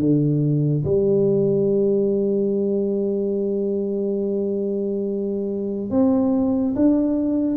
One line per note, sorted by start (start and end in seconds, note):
0.00 0.85 D3
0.85 5.91 G3
5.91 6.75 C4
6.76 7.57 D4